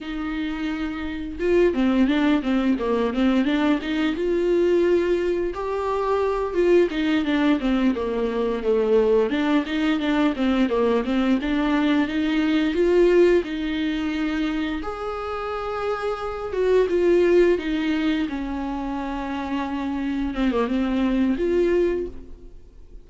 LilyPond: \new Staff \with { instrumentName = "viola" } { \time 4/4 \tempo 4 = 87 dis'2 f'8 c'8 d'8 c'8 | ais8 c'8 d'8 dis'8 f'2 | g'4. f'8 dis'8 d'8 c'8 ais8~ | ais8 a4 d'8 dis'8 d'8 c'8 ais8 |
c'8 d'4 dis'4 f'4 dis'8~ | dis'4. gis'2~ gis'8 | fis'8 f'4 dis'4 cis'4.~ | cis'4. c'16 ais16 c'4 f'4 | }